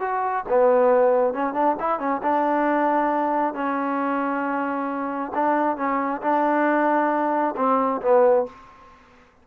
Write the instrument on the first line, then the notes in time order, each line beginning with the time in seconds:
trombone
0.00 F#4
0.49 B3
1.34 C#4
1.54 D4
1.79 E4
1.99 C#4
2.22 D4
3.54 C#4
5.35 D4
5.77 C#4
6.21 D4
7.57 C4
8.01 B3